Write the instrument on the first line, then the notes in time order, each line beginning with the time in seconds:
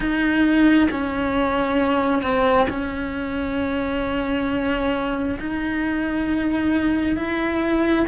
cello
0.00 D#4
0.90 C#4
2.22 C4
2.69 C#4
5.39 D#4
7.16 E4